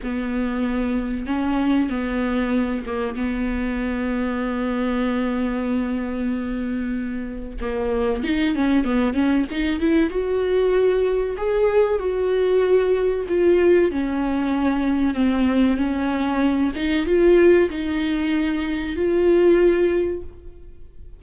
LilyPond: \new Staff \with { instrumentName = "viola" } { \time 4/4 \tempo 4 = 95 b2 cis'4 b4~ | b8 ais8 b2.~ | b1 | ais4 dis'8 cis'8 b8 cis'8 dis'8 e'8 |
fis'2 gis'4 fis'4~ | fis'4 f'4 cis'2 | c'4 cis'4. dis'8 f'4 | dis'2 f'2 | }